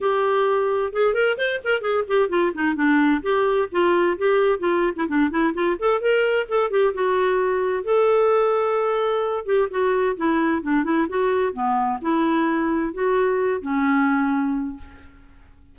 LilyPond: \new Staff \with { instrumentName = "clarinet" } { \time 4/4 \tempo 4 = 130 g'2 gis'8 ais'8 c''8 ais'8 | gis'8 g'8 f'8 dis'8 d'4 g'4 | f'4 g'4 f'8. e'16 d'8 e'8 | f'8 a'8 ais'4 a'8 g'8 fis'4~ |
fis'4 a'2.~ | a'8 g'8 fis'4 e'4 d'8 e'8 | fis'4 b4 e'2 | fis'4. cis'2~ cis'8 | }